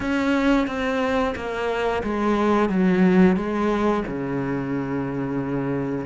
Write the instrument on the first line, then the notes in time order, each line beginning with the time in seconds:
cello
0.00 C#4
0.67 C4
1.35 A#3
2.03 G#3
2.69 F#3
3.36 G#3
4.07 C#3